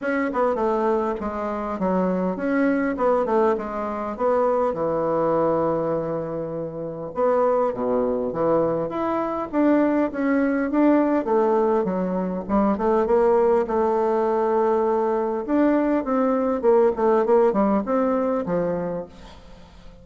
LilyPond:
\new Staff \with { instrumentName = "bassoon" } { \time 4/4 \tempo 4 = 101 cis'8 b8 a4 gis4 fis4 | cis'4 b8 a8 gis4 b4 | e1 | b4 b,4 e4 e'4 |
d'4 cis'4 d'4 a4 | fis4 g8 a8 ais4 a4~ | a2 d'4 c'4 | ais8 a8 ais8 g8 c'4 f4 | }